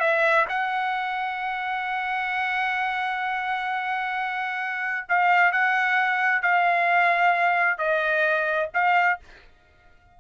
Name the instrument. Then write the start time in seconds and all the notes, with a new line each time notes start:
trumpet
0.00 E5
0.49 F#5
5.09 F5
5.52 F#5
6.42 F5
7.78 D#5
8.74 F5